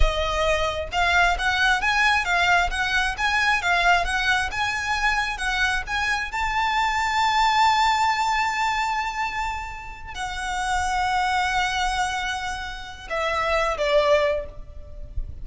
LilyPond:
\new Staff \with { instrumentName = "violin" } { \time 4/4 \tempo 4 = 133 dis''2 f''4 fis''4 | gis''4 f''4 fis''4 gis''4 | f''4 fis''4 gis''2 | fis''4 gis''4 a''2~ |
a''1~ | a''2~ a''8 fis''4.~ | fis''1~ | fis''4 e''4. d''4. | }